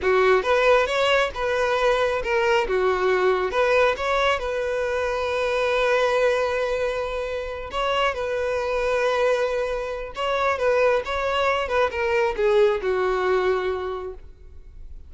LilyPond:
\new Staff \with { instrumentName = "violin" } { \time 4/4 \tempo 4 = 136 fis'4 b'4 cis''4 b'4~ | b'4 ais'4 fis'2 | b'4 cis''4 b'2~ | b'1~ |
b'4. cis''4 b'4.~ | b'2. cis''4 | b'4 cis''4. b'8 ais'4 | gis'4 fis'2. | }